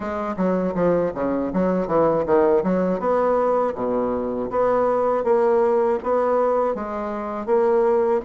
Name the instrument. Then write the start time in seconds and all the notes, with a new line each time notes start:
bassoon
0.00 G#3
0.36 F#3
0.74 F3
1.14 C#3
1.53 F#3
1.87 E3
2.25 D#3
2.63 F#3
2.99 B3
3.75 B2
4.50 B3
5.23 A#3
6.03 B3
6.74 G#3
7.46 A#3